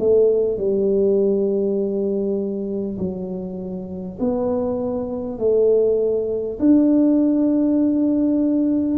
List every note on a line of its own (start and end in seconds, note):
0.00 0.58 A3
0.58 2.98 G3
2.99 4.19 F#3
4.20 5.39 B3
5.39 6.59 A3
6.59 8.98 D4